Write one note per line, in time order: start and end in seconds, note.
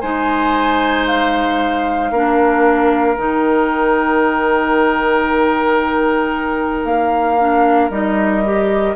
0.00 2.11 G#3
0.00 2.13 D#4
0.00 2.11 C5
0.00 1.05 G#5
1.06 3.17 F5
2.11 3.16 A#3
2.11 3.16 D4
2.11 8.96 A#4
3.16 6.84 D#3
3.16 7.37 D#4
3.16 6.84 G5
6.84 7.89 A#3
6.84 7.89 F5
7.38 7.90 D4
7.89 8.95 G3
7.89 8.43 D#4
7.89 8.96 D#5
8.44 8.96 G4